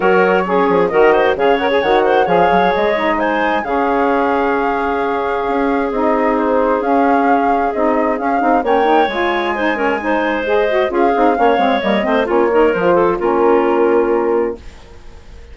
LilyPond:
<<
  \new Staff \with { instrumentName = "flute" } { \time 4/4 \tempo 4 = 132 cis''2 dis''4 f''8 fis''16 gis''16 | fis''4 f''4 dis''4 gis''4 | f''1~ | f''4 dis''4 c''4 f''4~ |
f''4 dis''4 f''4 g''4 | gis''2. dis''4 | f''2 dis''4 cis''4 | c''4 ais'2. | }
  \new Staff \with { instrumentName = "clarinet" } { \time 4/4 ais'4 gis'4 ais'8 c''8 cis''4~ | cis''8 c''8 cis''2 c''4 | gis'1~ | gis'1~ |
gis'2. cis''4~ | cis''4 c''8 ais'8 c''2 | gis'4 cis''4. c''8 f'8 ais'8~ | ais'8 a'8 f'2. | }
  \new Staff \with { instrumentName = "saxophone" } { \time 4/4 fis'4 cis'4 fis'4 gis'8 ais'16 gis'16 | fis'4 gis'4. dis'4. | cis'1~ | cis'4 dis'2 cis'4~ |
cis'4 dis'4 cis'8 dis'8 cis'8 dis'8 | f'4 dis'8 cis'8 dis'4 gis'8 fis'8 | f'8 dis'8 cis'8 c'8 ais8 c'8 cis'8 dis'8 | f'4 cis'2. | }
  \new Staff \with { instrumentName = "bassoon" } { \time 4/4 fis4. f8 dis4 cis4 | dis4 f8 fis8 gis2 | cis1 | cis'4 c'2 cis'4~ |
cis'4 c'4 cis'8 c'8 ais4 | gis1 | cis'8 c'8 ais8 gis8 g8 a8 ais4 | f4 ais2. | }
>>